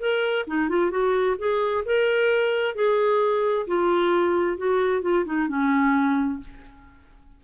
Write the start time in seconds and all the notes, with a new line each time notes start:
0.00 A#4
0.47 D#4
0.69 F4
0.91 F#4
1.38 G#4
1.85 A#4
2.75 G#4
3.67 F4
4.58 F#4
5.02 F4
5.26 D#4
5.48 C#4